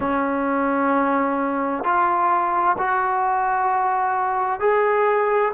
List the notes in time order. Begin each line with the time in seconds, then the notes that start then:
0.00 C#4
1.84 F4
2.78 F#4
4.59 G#4